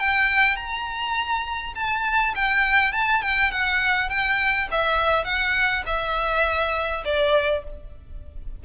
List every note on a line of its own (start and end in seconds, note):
0.00 0.56 G5
0.56 1.74 A#5
1.76 2.34 A5
2.35 2.93 G5
2.93 3.22 A5
3.22 3.51 G5
3.51 4.10 F#5
4.10 4.68 G5
4.72 5.25 E5
5.25 5.84 F#5
5.86 7.04 E5
7.05 7.64 D5